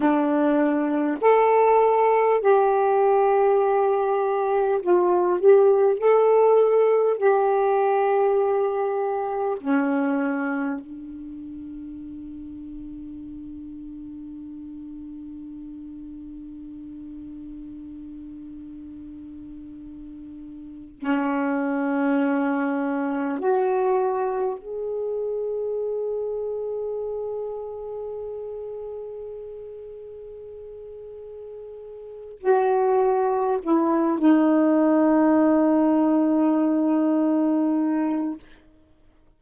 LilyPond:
\new Staff \with { instrumentName = "saxophone" } { \time 4/4 \tempo 4 = 50 d'4 a'4 g'2 | f'8 g'8 a'4 g'2 | cis'4 d'2.~ | d'1~ |
d'4. cis'2 fis'8~ | fis'8 gis'2.~ gis'8~ | gis'2. fis'4 | e'8 dis'2.~ dis'8 | }